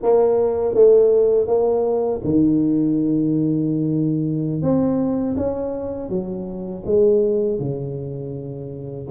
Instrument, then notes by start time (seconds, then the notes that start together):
tuba
0.02 A#3
0.74 A3
1.47 A#3
2.24 D#3
4.61 C4
5.36 C#4
6.09 F#3
6.85 G#3
7.59 C#3